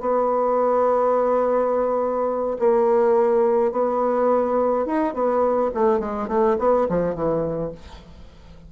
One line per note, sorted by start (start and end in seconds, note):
0.00 2.57 B3
2.59 3.71 A#3
3.71 4.85 B3
4.85 5.13 D#4
5.13 5.70 B3
5.74 5.99 A3
5.99 6.28 G#3
6.28 6.56 A3
6.58 6.87 B3
6.89 7.14 F3
7.14 7.71 E3